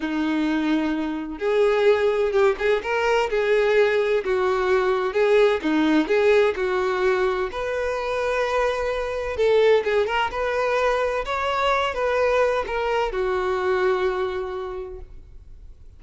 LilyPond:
\new Staff \with { instrumentName = "violin" } { \time 4/4 \tempo 4 = 128 dis'2. gis'4~ | gis'4 g'8 gis'8 ais'4 gis'4~ | gis'4 fis'2 gis'4 | dis'4 gis'4 fis'2 |
b'1 | a'4 gis'8 ais'8 b'2 | cis''4. b'4. ais'4 | fis'1 | }